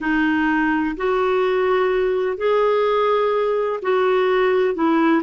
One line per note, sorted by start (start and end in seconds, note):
0.00 0.96 D#4
0.96 2.37 F#4
2.37 3.80 G#4
3.82 4.74 F#4
4.74 5.22 E4